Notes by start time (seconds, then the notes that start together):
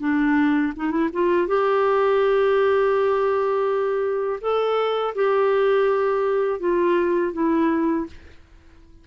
0.00 D4
0.76 D#4
0.91 E4
1.13 F4
1.47 G4
4.41 A4
5.15 G4
6.60 F4
7.33 E4